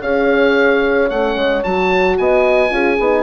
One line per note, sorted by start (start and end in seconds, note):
0.00 1.09 C#4
0.00 1.10 G#4
0.00 2.16 C#5
0.00 1.09 F5
1.09 1.35 A3
1.09 1.64 C#4
1.09 1.63 F#5
1.35 1.62 G#3
1.63 2.18 F#3
1.63 2.69 F#4
1.63 2.17 A5
2.17 2.70 B3
2.17 2.73 D#5
2.17 3.22 G#5
2.69 2.97 C#4
2.69 2.96 F4
2.69 3.22 G#4
2.99 3.22 B3
2.99 3.22 D#4